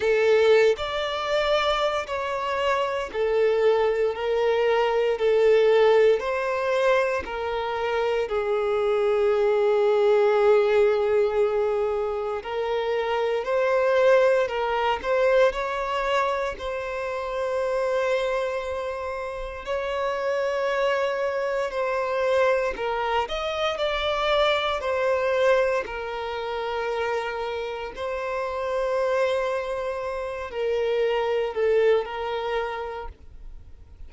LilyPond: \new Staff \with { instrumentName = "violin" } { \time 4/4 \tempo 4 = 58 a'8. d''4~ d''16 cis''4 a'4 | ais'4 a'4 c''4 ais'4 | gis'1 | ais'4 c''4 ais'8 c''8 cis''4 |
c''2. cis''4~ | cis''4 c''4 ais'8 dis''8 d''4 | c''4 ais'2 c''4~ | c''4. ais'4 a'8 ais'4 | }